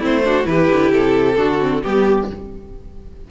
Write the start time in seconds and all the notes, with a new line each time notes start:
0.00 A3 C4 E4 C5
0.25 D4 F#4
0.43 E3 E4 G4 B4
0.71 D3
0.92 C3 A4
1.37 D3 D4 F#4
1.60 C4
1.82 G3 B3 G4